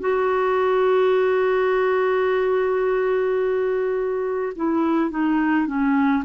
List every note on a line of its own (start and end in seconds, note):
0.00 4.53 F#4
4.56 5.10 E4
5.10 5.67 D#4
5.67 6.24 C#4